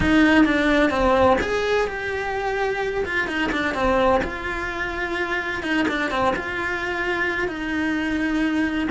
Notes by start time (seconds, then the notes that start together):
0.00 D#4
0.45 D4
0.90 C4
1.41 G#4
1.87 G4
3.05 F4
3.27 D#4
3.52 D4
3.74 C4
4.23 F4
5.62 D#4
5.88 D4
6.10 C4
6.36 F4
7.47 D#4